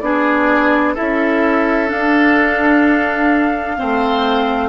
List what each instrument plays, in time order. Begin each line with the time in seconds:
0.00 bassoon B3, clarinet D4, oboe G#4, flute D5
0.94 clarinet E4, oboe A4, flute E5
1.00 bassoon C#4
1.86 clarinet D4, bassoon D4, flute F5
3.77 bassoon A3, clarinet C4, oboe C5